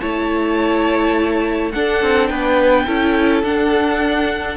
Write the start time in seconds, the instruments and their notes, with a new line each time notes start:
0.00 cello A3, viola E4, violin C#5 A5
1.71 viola D4, cello D4, violin A4 F#5
2.02 cello C4
2.27 cello B3, violin B4 G5
2.86 cello C#4, viola E4, violin A4
3.43 cello D4, viola D4, violin F#5